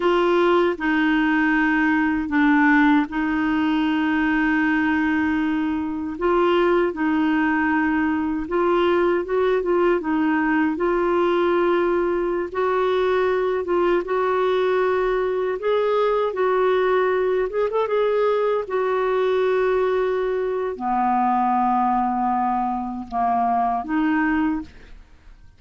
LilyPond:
\new Staff \with { instrumentName = "clarinet" } { \time 4/4 \tempo 4 = 78 f'4 dis'2 d'4 | dis'1 | f'4 dis'2 f'4 | fis'8 f'8 dis'4 f'2~ |
f'16 fis'4. f'8 fis'4.~ fis'16~ | fis'16 gis'4 fis'4. gis'16 a'16 gis'8.~ | gis'16 fis'2~ fis'8. b4~ | b2 ais4 dis'4 | }